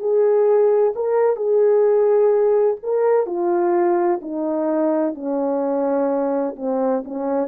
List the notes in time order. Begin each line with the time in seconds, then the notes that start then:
0.00 G#4
0.96 A#4
1.36 G#4
2.83 A#4
3.27 F4
4.22 D#4
5.15 C#4
6.57 C4
7.05 C#4